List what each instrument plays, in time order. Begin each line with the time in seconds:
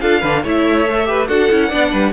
0.00 cello D4, viola F4, violin A4 F5
0.20 cello D3, viola D4, violin B4
0.43 cello A3, viola E4, violin C#5 E5
0.87 viola A4
1.05 viola G4, violin B4
1.27 cello D4, viola F#4, violin A4 F#5
1.50 cello C#4, viola E4
1.68 cello B3, viola D4, violin D5
1.90 cello G3, violin B4